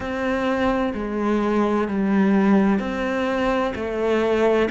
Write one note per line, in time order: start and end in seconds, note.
0.00 0.93 C4
0.94 1.87 G#3
1.87 2.79 G3
2.79 3.73 C4
3.75 4.68 A3